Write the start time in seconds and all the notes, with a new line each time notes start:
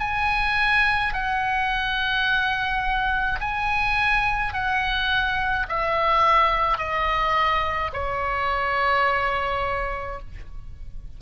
0.00 G#5
1.13 F#5
3.40 G#5
4.53 F#5
5.69 E5
6.78 D#5
7.93 C#5